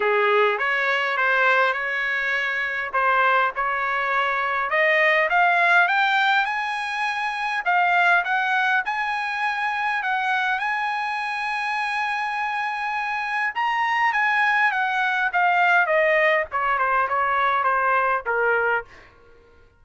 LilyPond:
\new Staff \with { instrumentName = "trumpet" } { \time 4/4 \tempo 4 = 102 gis'4 cis''4 c''4 cis''4~ | cis''4 c''4 cis''2 | dis''4 f''4 g''4 gis''4~ | gis''4 f''4 fis''4 gis''4~ |
gis''4 fis''4 gis''2~ | gis''2. ais''4 | gis''4 fis''4 f''4 dis''4 | cis''8 c''8 cis''4 c''4 ais'4 | }